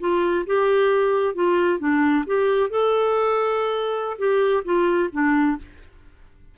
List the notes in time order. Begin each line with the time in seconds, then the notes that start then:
0.00 F4
0.46 G4
1.35 F4
1.79 D4
2.26 G4
2.70 A4
4.18 G4
4.65 F4
5.12 D4